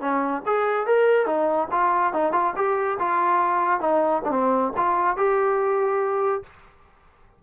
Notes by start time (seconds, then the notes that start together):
0.00 C#4
0.46 G#4
0.86 A#4
1.26 D#4
1.71 F4
2.13 D#4
2.32 F4
2.56 G4
2.99 F4
3.80 D#4
4.25 D4
4.31 C4
4.76 F4
5.17 G4